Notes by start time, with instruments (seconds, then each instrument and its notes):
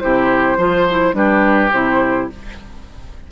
0.00 bassoon C3, clarinet E4, oboe G4, flute C5
0.58 bassoon F3, clarinet F4, oboe C5
0.90 clarinet E4
1.13 bassoon G3, clarinet D4, oboe G4, flute B4
1.72 bassoon C3, clarinet E4, flute C5